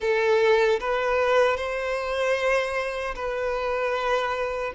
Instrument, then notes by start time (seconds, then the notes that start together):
violin
0.00 A4
0.80 B4
1.56 C5
3.15 B4